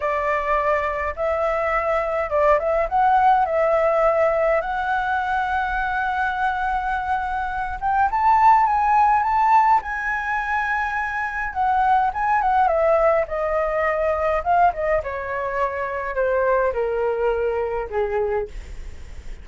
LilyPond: \new Staff \with { instrumentName = "flute" } { \time 4/4 \tempo 4 = 104 d''2 e''2 | d''8 e''8 fis''4 e''2 | fis''1~ | fis''4. g''8 a''4 gis''4 |
a''4 gis''2. | fis''4 gis''8 fis''8 e''4 dis''4~ | dis''4 f''8 dis''8 cis''2 | c''4 ais'2 gis'4 | }